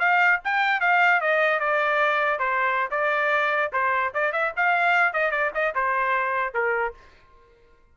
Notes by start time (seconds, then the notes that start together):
0.00 F5
0.45 G5
0.81 F5
1.21 D#5
1.60 D5
2.39 C5
2.91 D5
3.73 C5
4.15 D5
4.33 E5
4.57 F5
5.14 D#5
5.32 D5
5.55 D#5
5.75 C5
6.54 A#4